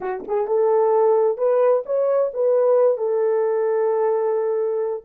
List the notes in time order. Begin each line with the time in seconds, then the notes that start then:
0.00 F#4
0.27 G#4
0.47 A4
1.37 B4
1.85 C#5
2.33 B4
2.97 A4